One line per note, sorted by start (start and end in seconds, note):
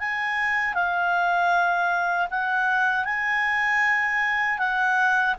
0.00 0.74 G#5
0.74 2.28 F5
2.31 3.05 F#5
3.05 4.59 G#5
4.59 5.36 F#5